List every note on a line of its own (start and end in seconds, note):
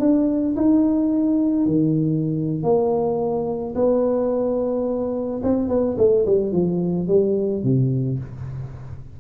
0.00 0.56 D4
0.57 1.66 D#4
1.66 2.63 D#3
2.63 3.74 A#3
3.75 5.42 B3
5.43 5.69 C4
5.69 5.97 B3
5.98 6.26 A3
6.26 6.52 G3
6.52 7.08 F3
7.08 7.64 G3
7.64 8.19 C3